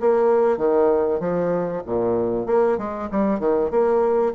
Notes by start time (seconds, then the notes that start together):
0.00 A#3
0.58 D#3
1.20 F3
1.86 A#2
2.46 A#3
2.78 G#3
3.11 G3
3.39 D#3
3.70 A#3